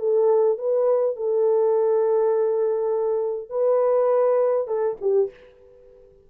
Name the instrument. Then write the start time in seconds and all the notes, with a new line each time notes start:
horn
0.00 A4
0.59 B4
1.16 A4
3.50 B4
4.68 A4
5.01 G4